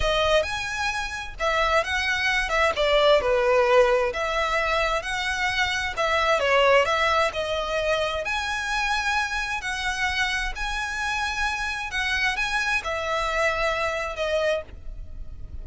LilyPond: \new Staff \with { instrumentName = "violin" } { \time 4/4 \tempo 4 = 131 dis''4 gis''2 e''4 | fis''4. e''8 d''4 b'4~ | b'4 e''2 fis''4~ | fis''4 e''4 cis''4 e''4 |
dis''2 gis''2~ | gis''4 fis''2 gis''4~ | gis''2 fis''4 gis''4 | e''2. dis''4 | }